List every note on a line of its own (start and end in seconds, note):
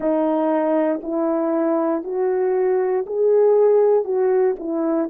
0.00 1.00 D#4
1.02 2.03 E4
2.03 3.05 F#4
3.06 4.04 G#4
4.04 4.55 F#4
4.59 5.10 E4